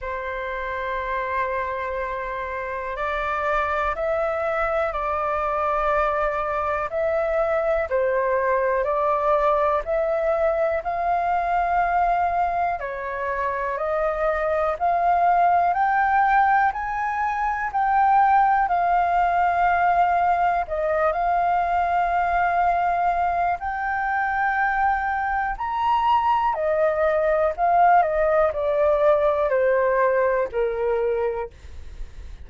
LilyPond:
\new Staff \with { instrumentName = "flute" } { \time 4/4 \tempo 4 = 61 c''2. d''4 | e''4 d''2 e''4 | c''4 d''4 e''4 f''4~ | f''4 cis''4 dis''4 f''4 |
g''4 gis''4 g''4 f''4~ | f''4 dis''8 f''2~ f''8 | g''2 ais''4 dis''4 | f''8 dis''8 d''4 c''4 ais'4 | }